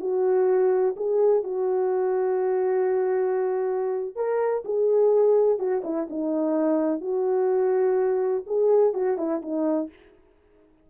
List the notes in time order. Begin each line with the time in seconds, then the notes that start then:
0.00 F#4
0.96 G#4
1.43 F#4
4.16 A#4
4.65 G#4
5.58 F#4
5.84 E4
6.10 D#4
7.01 F#4
8.47 G#4
8.94 F#4
9.18 E4
9.42 D#4